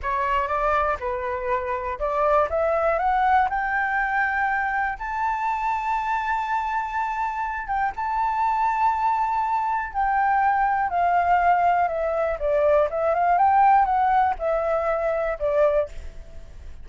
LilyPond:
\new Staff \with { instrumentName = "flute" } { \time 4/4 \tempo 4 = 121 cis''4 d''4 b'2 | d''4 e''4 fis''4 g''4~ | g''2 a''2~ | a''2.~ a''8 g''8 |
a''1 | g''2 f''2 | e''4 d''4 e''8 f''8 g''4 | fis''4 e''2 d''4 | }